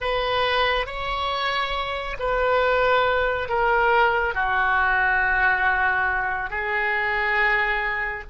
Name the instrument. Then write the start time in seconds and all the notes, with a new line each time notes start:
oboe
0.00 B4
0.86 C#5
2.19 B4
3.48 A#4
4.34 F#4
6.49 G#4